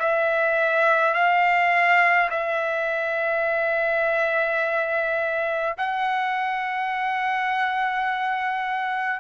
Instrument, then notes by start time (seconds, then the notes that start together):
trumpet
0.00 E5
1.14 F5
2.31 E5
5.78 F#5